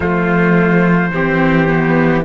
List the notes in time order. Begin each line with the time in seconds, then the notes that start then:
0.00 F3 A3 F4 C5
1.13 E3 C4 G4
1.68 B3